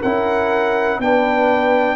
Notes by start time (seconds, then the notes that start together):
0.00 C#4 E4 A#4 F#5
0.99 B3 D4 B4 G5